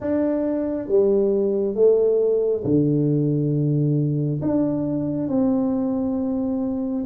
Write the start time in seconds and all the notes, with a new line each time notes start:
0.00 D4
0.88 G3
1.74 A3
2.64 D3
4.41 D4
5.28 C4